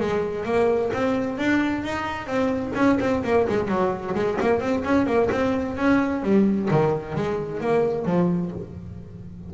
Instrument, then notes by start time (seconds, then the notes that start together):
double bass
0.00 G#3
0.45 A#3
0.93 C4
1.38 D4
1.84 D#4
2.27 C4
2.75 C#4
3.00 C4
3.24 A#3
3.49 G#3
3.68 F#3
4.15 G#3
4.40 A#3
4.60 C4
4.84 C#4
5.06 A#3
5.31 C4
5.77 C#4
6.23 G3
6.71 D#3
7.15 G#3
7.61 A#3
8.05 F3